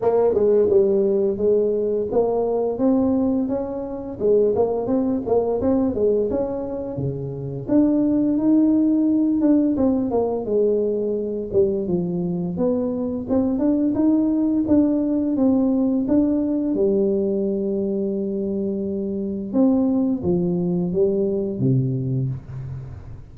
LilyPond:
\new Staff \with { instrumentName = "tuba" } { \time 4/4 \tempo 4 = 86 ais8 gis8 g4 gis4 ais4 | c'4 cis'4 gis8 ais8 c'8 ais8 | c'8 gis8 cis'4 cis4 d'4 | dis'4. d'8 c'8 ais8 gis4~ |
gis8 g8 f4 b4 c'8 d'8 | dis'4 d'4 c'4 d'4 | g1 | c'4 f4 g4 c4 | }